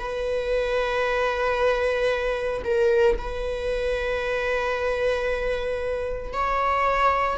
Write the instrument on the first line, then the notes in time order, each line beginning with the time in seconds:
viola
0.00 B4
2.65 A#4
3.18 B4
6.33 C#5